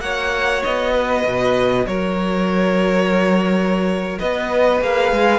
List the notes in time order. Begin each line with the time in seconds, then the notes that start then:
0.00 A#3 F#4 C#5 F#5
0.63 B3 D#5
0.93 B4
1.24 B2
1.86 F#3 A#4 C#5
4.19 B3 B4 D#5
4.80 A#3 G#4 F5
5.12 G#3